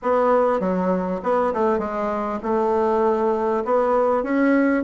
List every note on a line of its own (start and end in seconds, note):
0.02 0.60 B3
0.60 1.20 F#3
1.23 1.53 B3
1.53 1.78 A3
1.78 2.39 G#3
2.42 3.64 A3
3.64 4.23 B3
4.23 4.83 C#4